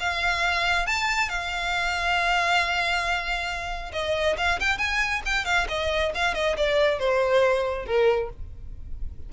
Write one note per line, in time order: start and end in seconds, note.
0.00 0.87 F5
0.87 1.29 A5
1.29 3.92 F5
3.93 4.37 D#5
4.38 4.59 F5
4.60 4.78 G5
4.78 5.22 G#5
5.26 5.45 G5
5.45 5.67 F5
5.69 6.13 D#5
6.15 6.34 F5
6.34 6.56 D#5
6.57 6.99 D5
6.99 7.86 C5
7.86 8.30 A#4